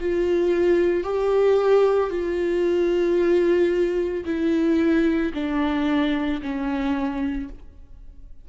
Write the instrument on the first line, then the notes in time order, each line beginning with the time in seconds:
viola
0.00 F4
1.04 G4
2.10 F4
4.25 E4
5.34 D4
6.42 C#4